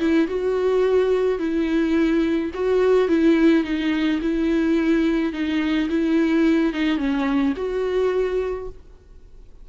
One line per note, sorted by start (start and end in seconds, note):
0.00 0.28 E4
0.28 1.39 F#4
1.39 2.51 E4
2.54 3.09 F#4
3.09 3.64 E4
3.64 4.20 D#4
4.22 5.33 E4
5.33 5.89 D#4
5.90 6.74 E4
6.74 6.98 D#4
6.98 7.54 C#4
7.57 8.69 F#4